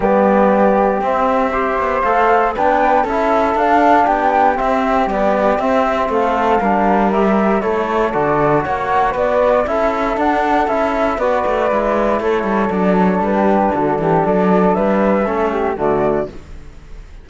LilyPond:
<<
  \new Staff \with { instrumentName = "flute" } { \time 4/4 \tempo 4 = 118 d''2 e''2 | f''4 g''4 e''4 f''4 | g''4 e''4 d''4 e''4 | f''2 e''4 cis''4 |
d''4 fis''4 d''4 e''4 | fis''4 e''4 d''2 | cis''4 d''8 cis''8 b'4 a'4 | d''4 e''2 d''4 | }
  \new Staff \with { instrumentName = "flute" } { \time 4/4 g'2. c''4~ | c''4 b'4 a'2 | g'1 | a'4 ais'2 a'4~ |
a'4 cis''4 b'4 a'4~ | a'2 b'2 | a'2~ a'16 g'8. fis'8 g'8 | a'4 b'4 a'8 g'8 fis'4 | }
  \new Staff \with { instrumentName = "trombone" } { \time 4/4 b2 c'4 g'4 | a'4 d'4 e'4 d'4~ | d'4 c'4 g4 c'4~ | c'4 d'4 g'4 e'4 |
fis'2. e'4 | d'4 e'4 fis'4 e'4~ | e'4 d'2.~ | d'2 cis'4 a4 | }
  \new Staff \with { instrumentName = "cello" } { \time 4/4 g2 c'4. b8 | a4 b4 cis'4 d'4 | b4 c'4 b4 c'4 | a4 g2 a4 |
d4 ais4 b4 cis'4 | d'4 cis'4 b8 a8 gis4 | a8 g8 fis4 g4 d8 e8 | fis4 g4 a4 d4 | }
>>